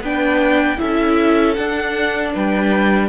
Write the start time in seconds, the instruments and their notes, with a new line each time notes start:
0.00 cello B3, viola D4, violin B4 G5
0.77 cello C#4, viola E4, violin A4 E5
1.54 cello D4, viola D4, violin F#5
2.33 cello G3, violin B4 G5